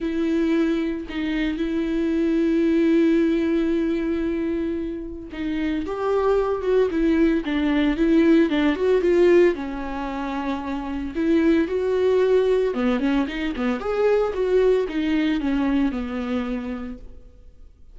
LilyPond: \new Staff \with { instrumentName = "viola" } { \time 4/4 \tempo 4 = 113 e'2 dis'4 e'4~ | e'1~ | e'2 dis'4 g'4~ | g'8 fis'8 e'4 d'4 e'4 |
d'8 fis'8 f'4 cis'2~ | cis'4 e'4 fis'2 | b8 cis'8 dis'8 b8 gis'4 fis'4 | dis'4 cis'4 b2 | }